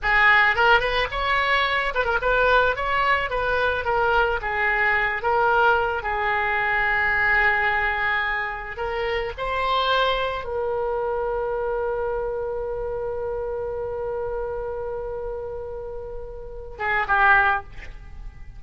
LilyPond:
\new Staff \with { instrumentName = "oboe" } { \time 4/4 \tempo 4 = 109 gis'4 ais'8 b'8 cis''4. b'16 ais'16 | b'4 cis''4 b'4 ais'4 | gis'4. ais'4. gis'4~ | gis'1 |
ais'4 c''2 ais'4~ | ais'1~ | ais'1~ | ais'2~ ais'8 gis'8 g'4 | }